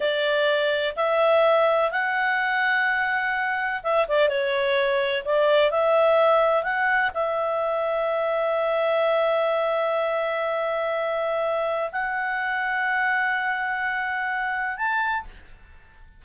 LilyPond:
\new Staff \with { instrumentName = "clarinet" } { \time 4/4 \tempo 4 = 126 d''2 e''2 | fis''1 | e''8 d''8 cis''2 d''4 | e''2 fis''4 e''4~ |
e''1~ | e''1~ | e''4 fis''2.~ | fis''2. a''4 | }